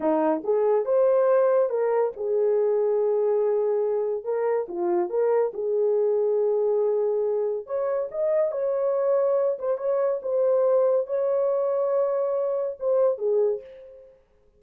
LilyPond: \new Staff \with { instrumentName = "horn" } { \time 4/4 \tempo 4 = 141 dis'4 gis'4 c''2 | ais'4 gis'2.~ | gis'2 ais'4 f'4 | ais'4 gis'2.~ |
gis'2 cis''4 dis''4 | cis''2~ cis''8 c''8 cis''4 | c''2 cis''2~ | cis''2 c''4 gis'4 | }